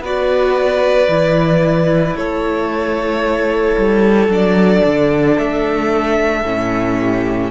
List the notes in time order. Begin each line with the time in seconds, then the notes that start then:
0.00 B3 F#4 B4 D5
1.08 E3 E4
2.15 A3 A4 C#5
3.77 G3
4.28 F#3 D4 D5
4.86 D3
5.38 A3 E5
6.44 A2 C#4
6.99 G4